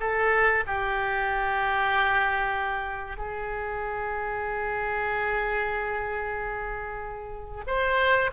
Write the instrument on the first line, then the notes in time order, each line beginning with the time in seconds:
oboe
0.00 A4
0.67 G4
3.17 G#4
7.66 C5